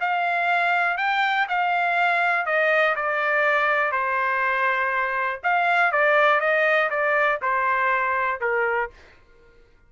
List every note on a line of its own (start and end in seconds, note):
0.00 0.97 F5
0.97 1.47 G5
1.49 2.45 F5
2.45 2.95 D#5
2.95 3.91 D5
3.91 5.40 C5
5.43 5.91 F5
5.91 6.40 D5
6.40 6.89 D#5
6.90 7.40 D5
7.42 8.40 C5
8.40 8.90 A#4